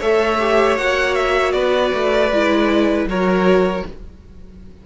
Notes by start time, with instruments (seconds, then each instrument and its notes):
0.00 cello A3, viola A4, violin C#5 E5
0.40 viola G4
0.78 cello A#3, viola F#4, violin F#5
1.15 violin E5
1.52 cello B3, violin B4 D5
1.94 cello A3
2.32 cello G#3, viola E4
3.06 cello F#3, viola F#4, violin A#4 C#5